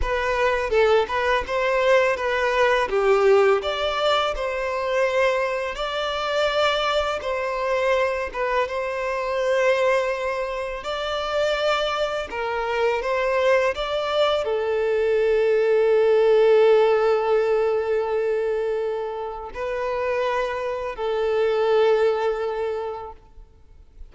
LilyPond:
\new Staff \with { instrumentName = "violin" } { \time 4/4 \tempo 4 = 83 b'4 a'8 b'8 c''4 b'4 | g'4 d''4 c''2 | d''2 c''4. b'8 | c''2. d''4~ |
d''4 ais'4 c''4 d''4 | a'1~ | a'2. b'4~ | b'4 a'2. | }